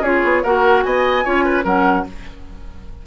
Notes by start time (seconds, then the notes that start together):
0.00 C#4 F4 G#4 C#5
0.24 B3
0.43 A#3 F#4 A#4 F#5
0.83 B3 D#5 G#5
1.24 C#4 F4 C#5
1.45 B4
1.64 F#3 C#4 A#4 F#5